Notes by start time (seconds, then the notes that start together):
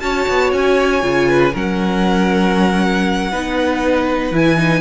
0.00 C#4 F#4 C#5 A5
0.29 B3
0.52 C#4 G#5
1.02 C#3 F4
1.29 B4
1.53 F#3 C#4 A#4 F#5
3.31 B3 D#4 B4
4.31 E3 E4 G#5
4.58 D#4